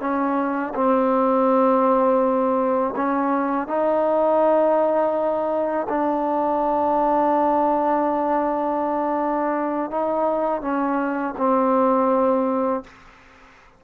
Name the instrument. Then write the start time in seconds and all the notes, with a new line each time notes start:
trombone
0.00 C#4
0.75 C4
2.96 C#4
3.67 D#4
5.89 D4
9.91 D#4
10.61 C#4
11.37 C4